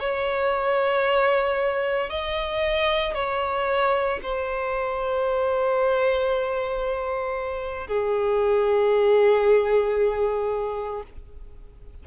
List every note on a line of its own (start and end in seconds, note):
0.00 2.10 C#5
2.10 3.14 D#5
3.14 4.20 C#5
4.22 7.88 C5
7.88 11.03 G#4